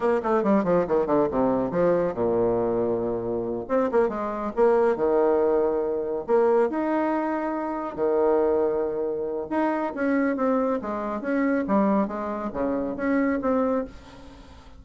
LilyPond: \new Staff \with { instrumentName = "bassoon" } { \time 4/4 \tempo 4 = 139 ais8 a8 g8 f8 dis8 d8 c4 | f4 ais,2.~ | ais,8 c'8 ais8 gis4 ais4 dis8~ | dis2~ dis8 ais4 dis'8~ |
dis'2~ dis'8 dis4.~ | dis2 dis'4 cis'4 | c'4 gis4 cis'4 g4 | gis4 cis4 cis'4 c'4 | }